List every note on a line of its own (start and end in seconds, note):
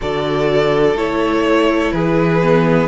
0.01 0.95 D3
0.01 0.97 F#4
0.01 1.94 A4
0.01 0.97 D5
0.95 1.91 A3
0.95 2.42 E4
0.95 1.92 C#5
1.92 2.87 E3
1.92 2.87 G#4
1.92 2.87 B4
2.42 2.87 B3